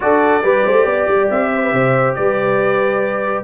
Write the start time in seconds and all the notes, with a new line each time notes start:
0.00 D4 F#4 A4 D5
0.43 G3 G4 B4
0.65 A3 C5
0.84 B3 D5
1.07 G3
1.30 C4 E5
1.53 C5
1.63 B4
1.72 C3 C5
2.14 G3 B4 D5